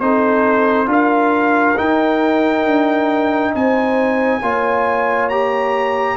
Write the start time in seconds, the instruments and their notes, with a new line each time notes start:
0.00 tuba C4, trombone D#4, horn A4, trumpet C5
0.87 tuba D4, trombone F4, horn A#4, trumpet F5
1.77 trombone D#4, tuba D#4, trumpet G5
2.66 tuba D4
3.54 tuba C4, horn C5, trumpet G#5
4.42 tuba A#3, trombone F4, horn C#5
5.29 trombone G4, trumpet A#5